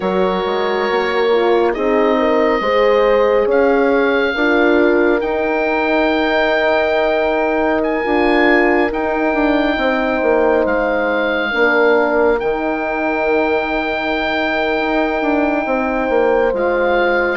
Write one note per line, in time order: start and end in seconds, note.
0.00 0.44 F#3
0.00 1.30 F#4
0.00 1.71 A#4
0.00 1.72 C#5
0.45 0.89 G#3
0.90 1.76 A#3
1.31 1.73 F4
1.73 2.60 C4
1.73 2.60 D#4
1.73 2.16 G#4
1.73 3.48 D#5
2.18 2.62 A#4
2.60 3.46 G#3
2.60 4.35 G#4
2.60 3.45 C5
3.45 4.33 C#4
3.45 4.32 C#5
3.45 5.20 F5
4.34 5.21 D4
4.34 5.21 F4
4.34 9.77 A#4
5.20 8.03 D#4
5.20 8.04 D#4
5.20 7.81 G5
7.83 8.92 G#5
8.03 8.91 D4
8.03 8.90 F4
8.91 9.34 D#4
8.91 11.51 D#4
8.91 10.66 G5
9.34 9.77 D4
9.77 10.20 C4
9.77 11.51 C5
10.22 10.65 A#3
10.65 11.52 G#3
10.65 12.39 F5
11.51 12.40 A#3
11.51 12.38 D4
11.51 15.64 A#4
12.39 14.79 D#3
12.39 16.53 D#4
12.39 16.52 G5
14.79 15.21 D#4
15.21 15.65 D4
15.65 16.09 C4
15.65 17.37 C5
16.09 16.52 A#3
16.53 17.37 G#3
16.53 17.37 F4
16.53 17.37 F5